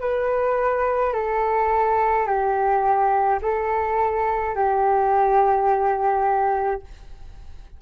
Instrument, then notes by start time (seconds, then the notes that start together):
flute
0.00 B4
1.13 A4
2.26 G4
3.42 A4
4.55 G4